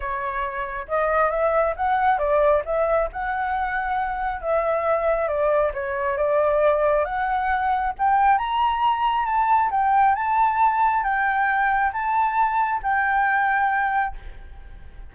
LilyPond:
\new Staff \with { instrumentName = "flute" } { \time 4/4 \tempo 4 = 136 cis''2 dis''4 e''4 | fis''4 d''4 e''4 fis''4~ | fis''2 e''2 | d''4 cis''4 d''2 |
fis''2 g''4 ais''4~ | ais''4 a''4 g''4 a''4~ | a''4 g''2 a''4~ | a''4 g''2. | }